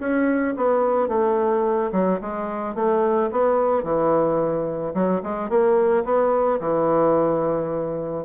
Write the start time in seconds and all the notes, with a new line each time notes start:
0.00 C#4
0.57 B3
1.09 A3
1.92 F#3
2.21 G#3
2.75 A3
3.32 B3
3.84 E3
4.94 F#3
5.23 G#3
5.49 A#3
6.05 B3
6.60 E3